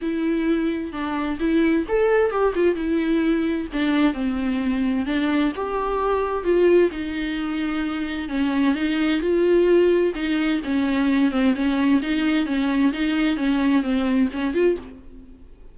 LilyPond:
\new Staff \with { instrumentName = "viola" } { \time 4/4 \tempo 4 = 130 e'2 d'4 e'4 | a'4 g'8 f'8 e'2 | d'4 c'2 d'4 | g'2 f'4 dis'4~ |
dis'2 cis'4 dis'4 | f'2 dis'4 cis'4~ | cis'8 c'8 cis'4 dis'4 cis'4 | dis'4 cis'4 c'4 cis'8 f'8 | }